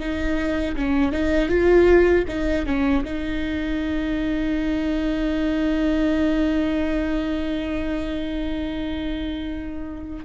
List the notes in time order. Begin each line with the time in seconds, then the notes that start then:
0.00 D#4
0.76 C#4
1.12 D#4
1.49 F4
2.28 D#4
2.66 C#4
3.05 D#4